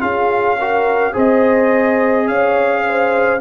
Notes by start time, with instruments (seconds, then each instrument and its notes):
0.00 tuba C#4, trombone F4, horn G#4, trumpet F5
0.58 trombone F#4, horn A#4
1.13 tuba C4, trombone G#4, horn C5, trumpet D#5
2.27 tuba C#4, horn C#5, trumpet F5
2.85 horn C5